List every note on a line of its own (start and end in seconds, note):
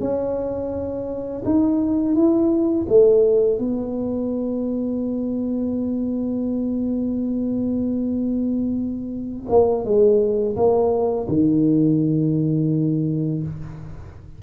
0.00 1.43 C#4
1.45 2.15 D#4
2.15 2.86 E4
2.89 3.59 A3
3.59 9.48 B3
9.49 9.85 A#3
9.85 10.56 G#3
10.56 11.28 A#3
11.28 13.43 D#3